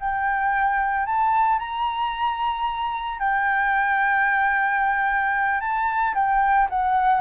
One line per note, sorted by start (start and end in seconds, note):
0.00 1.06 G5
1.06 1.59 A5
1.59 3.19 A#5
3.19 5.60 G5
5.61 6.14 A5
6.15 6.68 G5
6.70 7.21 F#5